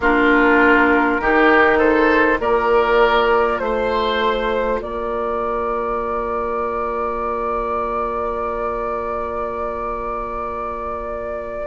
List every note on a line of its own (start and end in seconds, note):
0.00 1.19 A#3
0.00 1.21 D4
0.00 1.21 F4
0.00 1.79 A#4
1.20 2.39 D#3
1.20 2.37 D#4
1.20 1.78 G4
1.78 2.38 A4
1.78 2.39 C5
2.37 3.59 A#3
2.37 11.66 F4
2.37 3.61 A#4
2.37 3.58 D5
3.58 4.79 A3
3.58 4.78 C5
3.58 4.83 C5
4.79 11.66 A#3
4.79 11.66 A#4
4.79 11.66 D5